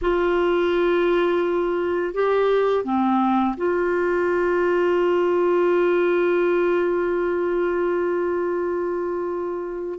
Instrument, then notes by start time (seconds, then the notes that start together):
clarinet
0.01 F4
2.14 G4
2.84 C4
3.56 F4